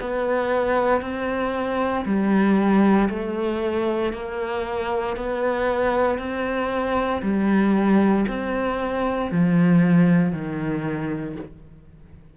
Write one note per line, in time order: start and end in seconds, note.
0.00 1.01 B3
1.01 2.05 C4
2.05 3.08 G3
3.09 4.12 A3
4.12 5.16 A#3
5.16 6.18 B3
6.18 7.21 C4
7.22 8.25 G3
8.28 9.31 C4
9.31 10.32 F3
10.32 11.36 D#3